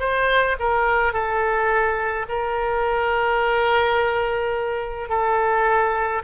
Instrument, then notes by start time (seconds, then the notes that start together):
oboe
0.00 C5
0.60 A#4
1.13 A4
2.29 A#4
5.09 A4